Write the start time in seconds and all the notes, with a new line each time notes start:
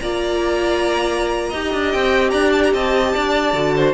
0.00 A#3 F4 D5 A#5
1.50 D#4 G4 D#5
1.74 D4
1.92 C4 G5
2.30 D4 D5 A#5
2.53 A5
2.64 A#5
2.74 C4 D#5 A5
3.15 D4 D5
3.54 D3 F#4
3.76 C5